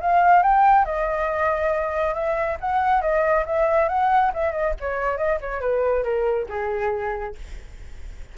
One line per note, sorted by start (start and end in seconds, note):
0.00 0.42 F5
0.42 0.85 G5
0.85 2.14 D#5
2.14 2.57 E5
2.60 3.02 F#5
3.02 3.45 D#5
3.46 3.89 E5
3.89 4.32 F#5
4.34 4.52 E5
4.52 4.73 D#5
4.80 5.17 C#5
5.17 5.39 D#5
5.41 5.60 C#5
5.60 6.03 B4
6.03 6.46 A#4
6.49 7.35 G#4